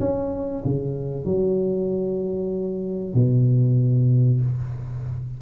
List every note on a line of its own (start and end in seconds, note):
0.00 0.63 C#4
0.65 1.25 C#3
1.25 3.15 F#3
3.15 4.41 B2